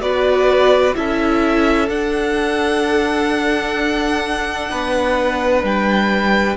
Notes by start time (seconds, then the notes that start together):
0.00 B3 F#4 B4 D5
0.95 C#4 E4 A4 E5
1.89 D4 F#5
4.71 B3 B4
5.63 G3 G5